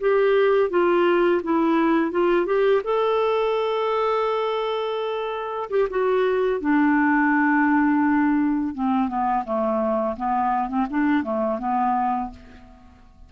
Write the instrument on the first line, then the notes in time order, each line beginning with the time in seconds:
clarinet
0.00 G4
0.70 F4
1.43 E4
2.11 F4
2.46 G4
2.84 A4
5.70 G4
5.90 F#4
6.60 D4
8.74 C4
9.08 B3
9.45 A3
10.17 B3
10.69 C4
10.90 D4
11.23 A3
11.59 B3